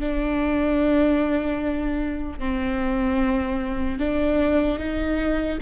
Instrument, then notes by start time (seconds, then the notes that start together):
viola
0.00 D4
2.39 C4
3.99 D4
4.79 D#4